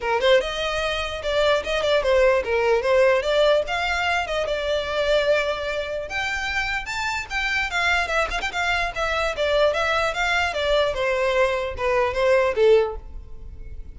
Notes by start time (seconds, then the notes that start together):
0.00 A#4
0.20 C5
0.41 D#5
1.22 D5
1.64 D#5
1.82 D5
2.02 C5
2.44 A#4
2.81 C5
3.22 D5
3.67 F5
4.27 D#5
4.46 D5
6.08 G5
6.85 A5
7.30 G5
7.70 F5
8.07 E5
8.30 F5
8.41 G5
8.52 F5
8.95 E5
9.36 D5
9.73 E5
10.14 F5
10.53 D5
10.93 C5
11.77 B4
12.13 C5
12.55 A4